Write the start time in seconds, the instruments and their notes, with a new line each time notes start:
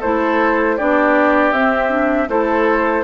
0.00 bassoon A3, clarinet E4, oboe A4, flute C5
0.77 bassoon B3, clarinet D4, oboe G4, flute D5
1.53 bassoon C4, clarinet C4, flute E5
1.90 clarinet D4
2.29 bassoon A3, clarinet E4, oboe A4, flute C5